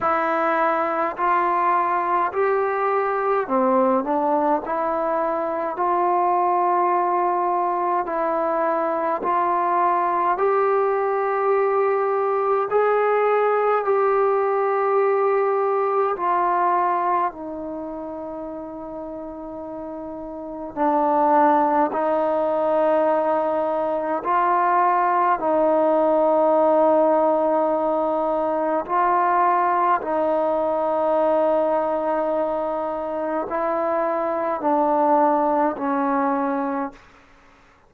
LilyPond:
\new Staff \with { instrumentName = "trombone" } { \time 4/4 \tempo 4 = 52 e'4 f'4 g'4 c'8 d'8 | e'4 f'2 e'4 | f'4 g'2 gis'4 | g'2 f'4 dis'4~ |
dis'2 d'4 dis'4~ | dis'4 f'4 dis'2~ | dis'4 f'4 dis'2~ | dis'4 e'4 d'4 cis'4 | }